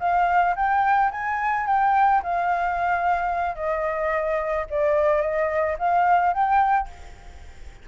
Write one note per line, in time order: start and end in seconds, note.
0.00 0.55 F5
0.56 1.11 G5
1.11 1.66 G#5
1.67 2.22 G5
2.23 3.56 F5
3.56 4.66 D#5
4.70 5.21 D5
5.21 5.76 D#5
5.79 6.33 F5
6.33 6.88 G5